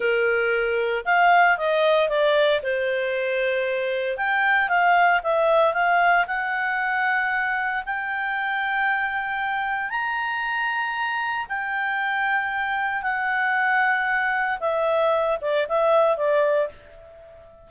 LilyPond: \new Staff \with { instrumentName = "clarinet" } { \time 4/4 \tempo 4 = 115 ais'2 f''4 dis''4 | d''4 c''2. | g''4 f''4 e''4 f''4 | fis''2. g''4~ |
g''2. ais''4~ | ais''2 g''2~ | g''4 fis''2. | e''4. d''8 e''4 d''4 | }